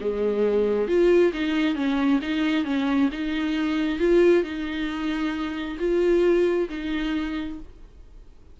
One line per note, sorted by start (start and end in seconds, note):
0.00 0.88 G#3
0.88 1.32 F4
1.33 1.75 D#4
1.75 2.20 C#4
2.22 2.65 D#4
2.65 3.09 C#4
3.12 3.99 D#4
3.99 4.43 F4
4.43 5.78 D#4
5.79 6.68 F4
6.69 7.59 D#4